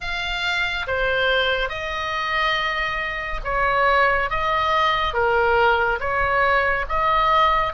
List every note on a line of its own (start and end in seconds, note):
0.00 0.86 F5
0.87 1.69 C5
1.69 3.41 D#5
3.44 4.29 C#5
4.29 5.13 D#5
5.13 5.99 A#4
6.00 6.85 C#5
6.88 7.73 D#5